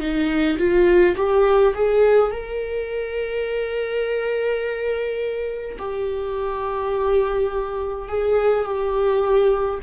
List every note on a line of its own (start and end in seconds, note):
0.00 0.58 D#4
0.58 1.15 F4
1.16 1.74 G4
1.75 2.32 G#4
2.32 5.78 A#4
5.79 8.09 G4
8.09 8.65 G#4
8.65 9.80 G4